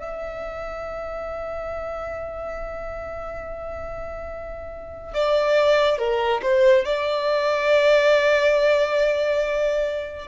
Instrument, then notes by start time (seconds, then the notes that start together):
violin
0.00 E5
5.14 D5
5.98 A#4
6.43 C5
6.85 D5